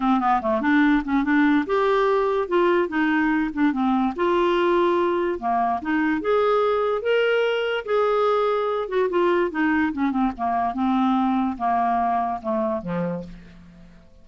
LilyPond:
\new Staff \with { instrumentName = "clarinet" } { \time 4/4 \tempo 4 = 145 c'8 b8 a8 d'4 cis'8 d'4 | g'2 f'4 dis'4~ | dis'8 d'8 c'4 f'2~ | f'4 ais4 dis'4 gis'4~ |
gis'4 ais'2 gis'4~ | gis'4. fis'8 f'4 dis'4 | cis'8 c'8 ais4 c'2 | ais2 a4 f4 | }